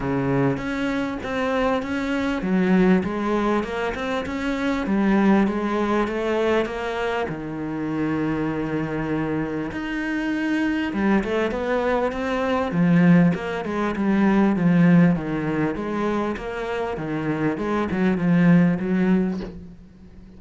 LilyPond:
\new Staff \with { instrumentName = "cello" } { \time 4/4 \tempo 4 = 99 cis4 cis'4 c'4 cis'4 | fis4 gis4 ais8 c'8 cis'4 | g4 gis4 a4 ais4 | dis1 |
dis'2 g8 a8 b4 | c'4 f4 ais8 gis8 g4 | f4 dis4 gis4 ais4 | dis4 gis8 fis8 f4 fis4 | }